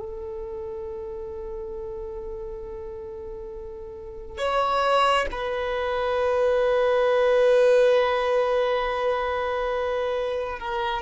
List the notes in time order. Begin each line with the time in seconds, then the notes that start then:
0.00 A4
4.38 C#5
5.32 B4
10.60 A#4